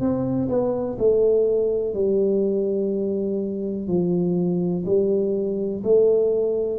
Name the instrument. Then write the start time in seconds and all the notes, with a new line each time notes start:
tuba
0.00 C4
0.49 B3
0.99 A3
1.94 G3
3.88 F3
4.86 G3
5.84 A3